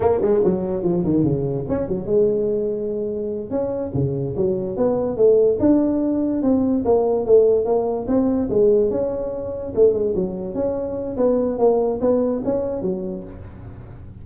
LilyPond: \new Staff \with { instrumentName = "tuba" } { \time 4/4 \tempo 4 = 145 ais8 gis8 fis4 f8 dis8 cis4 | cis'8 fis8 gis2.~ | gis8 cis'4 cis4 fis4 b8~ | b8 a4 d'2 c'8~ |
c'8 ais4 a4 ais4 c'8~ | c'8 gis4 cis'2 a8 | gis8 fis4 cis'4. b4 | ais4 b4 cis'4 fis4 | }